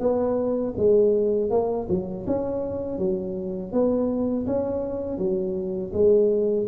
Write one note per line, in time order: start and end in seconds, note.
0.00 0.74 B3
0.76 1.50 G#3
1.50 1.87 A#3
1.89 2.26 F#3
2.27 2.98 C#4
2.98 3.72 F#3
3.72 4.46 B3
4.47 5.18 C#4
5.18 5.92 F#3
5.93 6.67 G#3